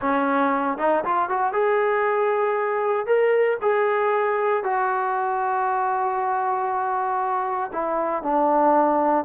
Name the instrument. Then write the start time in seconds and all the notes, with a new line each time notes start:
trombone
0.01 C#4
0.78 D#4
1.04 F4
1.29 F#4
1.52 G#4
3.06 A#4
3.61 G#4
4.63 F#4
7.72 E4
8.22 D4